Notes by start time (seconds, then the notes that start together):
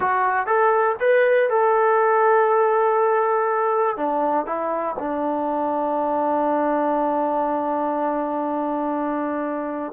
0.00 F#4
0.46 A4
1.00 B4
1.49 A4
3.96 D4
4.46 E4
4.98 D4